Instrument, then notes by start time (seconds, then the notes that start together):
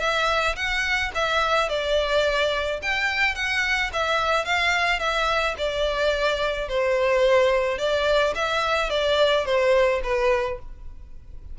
violin
0.00 E5
0.56 F#5
1.15 E5
1.69 D5
2.82 G5
3.35 F#5
3.93 E5
4.45 F5
4.99 E5
5.58 D5
6.68 C5
7.78 D5
8.35 E5
8.90 D5
9.46 C5
10.04 B4